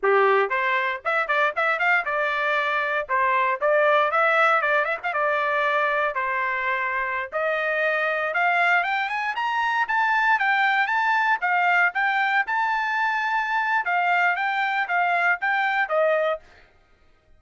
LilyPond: \new Staff \with { instrumentName = "trumpet" } { \time 4/4 \tempo 4 = 117 g'4 c''4 e''8 d''8 e''8 f''8 | d''2 c''4 d''4 | e''4 d''8 e''16 f''16 d''2 | c''2~ c''16 dis''4.~ dis''16~ |
dis''16 f''4 g''8 gis''8 ais''4 a''8.~ | a''16 g''4 a''4 f''4 g''8.~ | g''16 a''2~ a''8. f''4 | g''4 f''4 g''4 dis''4 | }